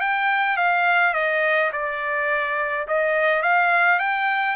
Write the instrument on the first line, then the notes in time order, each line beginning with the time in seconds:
trumpet
0.00 G5
0.56 F5
1.13 D#5
1.72 D5
2.87 D#5
3.42 F5
3.99 G5